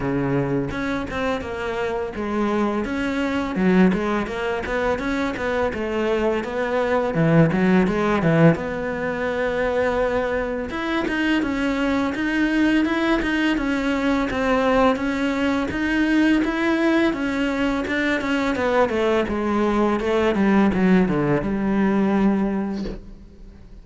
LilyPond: \new Staff \with { instrumentName = "cello" } { \time 4/4 \tempo 4 = 84 cis4 cis'8 c'8 ais4 gis4 | cis'4 fis8 gis8 ais8 b8 cis'8 b8 | a4 b4 e8 fis8 gis8 e8 | b2. e'8 dis'8 |
cis'4 dis'4 e'8 dis'8 cis'4 | c'4 cis'4 dis'4 e'4 | cis'4 d'8 cis'8 b8 a8 gis4 | a8 g8 fis8 d8 g2 | }